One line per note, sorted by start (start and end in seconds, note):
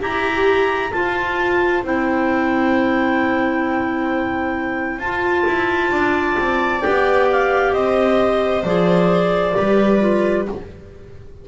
0.00 0.92 E4
0.00 0.91 G4
0.00 0.92 G4
0.00 0.93 A#5
0.92 1.84 F4
0.92 5.92 C5
0.92 1.84 A5
1.84 4.99 C4
1.84 5.02 E4
1.84 5.00 G5
4.99 5.45 F4
4.99 6.82 F4
4.99 6.82 A5
5.47 5.91 E4
5.91 6.37 D4
5.91 7.74 D5
6.38 6.84 C4
6.82 7.73 B3
6.82 8.63 G4
6.82 7.27 G5
7.32 7.74 F5
7.73 8.64 C4
7.73 9.57 C5
7.73 8.65 D#5
8.64 9.55 F3
8.64 9.53 G#4
8.64 10.47 D5
9.53 10.49 G3
9.53 9.99 G4
9.53 10.48 B4
10.00 10.46 F4